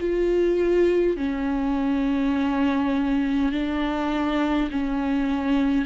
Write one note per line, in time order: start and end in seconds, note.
0.00 1.17 F4
1.17 3.52 C#4
3.52 4.70 D4
4.71 5.86 C#4